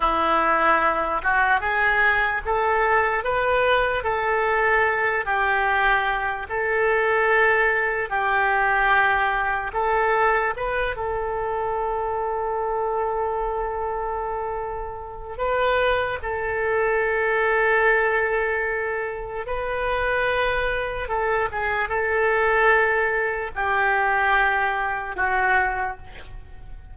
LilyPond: \new Staff \with { instrumentName = "oboe" } { \time 4/4 \tempo 4 = 74 e'4. fis'8 gis'4 a'4 | b'4 a'4. g'4. | a'2 g'2 | a'4 b'8 a'2~ a'8~ |
a'2. b'4 | a'1 | b'2 a'8 gis'8 a'4~ | a'4 g'2 fis'4 | }